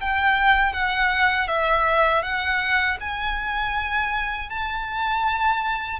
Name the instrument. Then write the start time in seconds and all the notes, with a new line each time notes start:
violin
0.00 G5
0.73 F#5
1.47 E5
2.22 F#5
3.00 G#5
4.49 A5